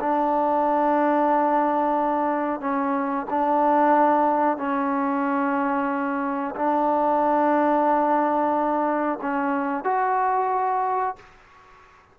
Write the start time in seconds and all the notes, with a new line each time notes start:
0.00 D4
2.61 C#4
3.30 D4
4.57 C#4
6.56 D4
9.22 C#4
9.84 F#4